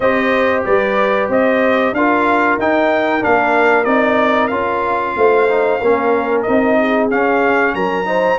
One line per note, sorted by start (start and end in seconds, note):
0.00 0.64 C4
0.00 1.95 G4
0.00 0.65 C5
0.00 0.63 D#5
0.65 1.28 G3
0.65 1.29 B4
0.65 1.29 D5
1.28 1.92 C4
1.28 1.94 C5
1.28 1.94 D#5
1.92 2.57 D4
1.92 2.60 F4
1.92 5.17 A#4
1.92 2.58 F5
2.58 3.22 D#4
2.58 3.20 D#4
2.58 3.23 G5
3.20 3.86 A#3
3.20 3.85 D4
3.20 3.84 F5
3.84 4.50 C4
3.84 4.51 D#4
3.84 4.47 D5
4.47 5.15 C#4
4.47 5.47 F4
4.47 6.41 F5
5.16 5.80 A3
5.16 5.81 C5
5.47 5.80 D#4
5.81 6.46 A#3
5.81 6.46 C#4
5.81 6.77 A#4
6.42 7.11 C4
6.42 7.10 D#4
6.42 7.06 D#5
6.78 7.75 G#4
7.10 8.05 C#4
7.10 7.74 C#4
7.10 7.74 F5
7.74 8.39 F#3
7.74 8.07 A#4
7.74 8.39 A#5
8.05 8.37 D#4
8.05 8.39 C5